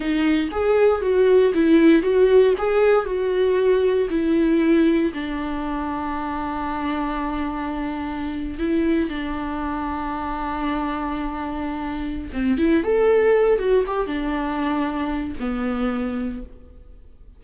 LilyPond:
\new Staff \with { instrumentName = "viola" } { \time 4/4 \tempo 4 = 117 dis'4 gis'4 fis'4 e'4 | fis'4 gis'4 fis'2 | e'2 d'2~ | d'1~ |
d'8. e'4 d'2~ d'16~ | d'1 | c'8 e'8 a'4. fis'8 g'8 d'8~ | d'2 b2 | }